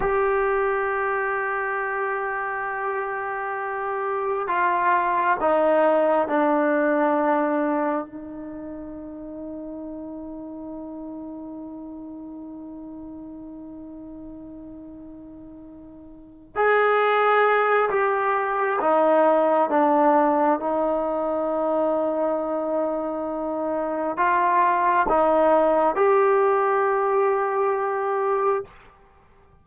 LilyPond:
\new Staff \with { instrumentName = "trombone" } { \time 4/4 \tempo 4 = 67 g'1~ | g'4 f'4 dis'4 d'4~ | d'4 dis'2.~ | dis'1~ |
dis'2~ dis'8 gis'4. | g'4 dis'4 d'4 dis'4~ | dis'2. f'4 | dis'4 g'2. | }